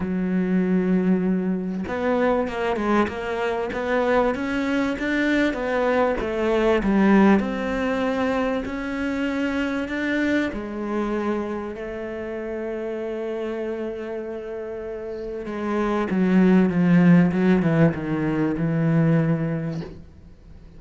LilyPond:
\new Staff \with { instrumentName = "cello" } { \time 4/4 \tempo 4 = 97 fis2. b4 | ais8 gis8 ais4 b4 cis'4 | d'4 b4 a4 g4 | c'2 cis'2 |
d'4 gis2 a4~ | a1~ | a4 gis4 fis4 f4 | fis8 e8 dis4 e2 | }